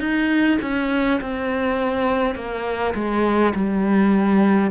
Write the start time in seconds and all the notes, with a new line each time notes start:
0.00 D#4
0.62 C#4
1.21 C4
2.35 A#3
2.95 G#3
3.55 G3